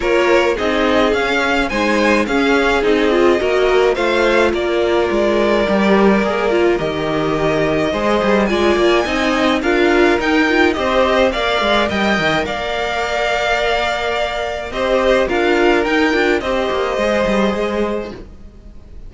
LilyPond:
<<
  \new Staff \with { instrumentName = "violin" } { \time 4/4 \tempo 4 = 106 cis''4 dis''4 f''4 gis''4 | f''4 dis''2 f''4 | d''1 | dis''2. gis''4~ |
gis''4 f''4 g''4 dis''4 | f''4 g''4 f''2~ | f''2 dis''4 f''4 | g''4 dis''2. | }
  \new Staff \with { instrumentName = "violin" } { \time 4/4 ais'4 gis'2 c''4 | gis'2 ais'4 c''4 | ais'1~ | ais'2 c''4 d''4 |
dis''4 ais'2 c''4 | d''4 dis''4 d''2~ | d''2 c''4 ais'4~ | ais'4 c''2. | }
  \new Staff \with { instrumentName = "viola" } { \time 4/4 f'4 dis'4 cis'4 dis'4 | cis'4 dis'8 f'8 fis'4 f'4~ | f'2 g'4 gis'8 f'8 | g'2 gis'4 f'4 |
dis'4 f'4 dis'8 f'8 g'4 | ais'1~ | ais'2 g'4 f'4 | dis'8 f'8 g'4 gis'2 | }
  \new Staff \with { instrumentName = "cello" } { \time 4/4 ais4 c'4 cis'4 gis4 | cis'4 c'4 ais4 a4 | ais4 gis4 g4 ais4 | dis2 gis8 g8 gis8 ais8 |
c'4 d'4 dis'4 c'4 | ais8 gis8 g8 dis8 ais2~ | ais2 c'4 d'4 | dis'8 d'8 c'8 ais8 gis8 g8 gis4 | }
>>